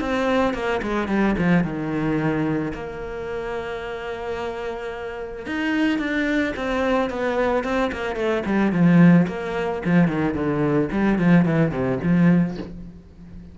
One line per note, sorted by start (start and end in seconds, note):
0.00 0.54 C4
0.54 0.81 A#3
0.82 1.08 G#3
1.08 1.35 G3
1.38 1.64 F3
1.64 2.73 D#3
2.74 5.46 A#3
5.46 5.99 D#4
5.99 6.53 D4
6.56 7.10 C4
7.10 7.64 B3
7.64 7.91 C4
7.92 8.16 A#3
8.16 8.43 A3
8.46 8.72 G3
8.72 9.27 F3
9.28 9.82 A#3
9.86 10.08 F3
10.08 10.34 D#3
10.34 10.89 D3
10.92 11.18 G3
11.18 11.45 F3
11.45 11.71 E3
11.71 11.99 C3
12.03 12.58 F3